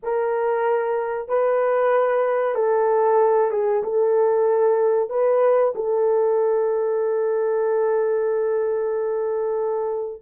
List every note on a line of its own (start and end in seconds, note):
0.03 1.28 A#4
1.28 2.54 B4
2.54 3.50 A4
3.50 3.82 G#4
3.83 5.09 A4
5.09 5.73 B4
5.75 10.22 A4